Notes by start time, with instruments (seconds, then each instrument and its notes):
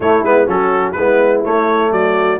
0.00 tuba A3, trombone A3, horn E4, trumpet C#5
0.22 tuba G#3, trombone B3, trumpet B4
0.46 tuba F#3, trombone C#4, horn F#4, trumpet A4
0.92 tuba G#3, horn E4, trumpet B4
0.98 trombone B3
1.44 trombone A3, tuba A3, trumpet C#5
1.91 tuba F#3, horn F#4, trumpet D5